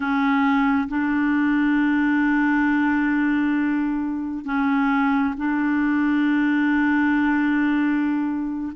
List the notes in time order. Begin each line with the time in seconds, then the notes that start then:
0.00 C#4
0.88 D4
4.45 C#4
5.37 D4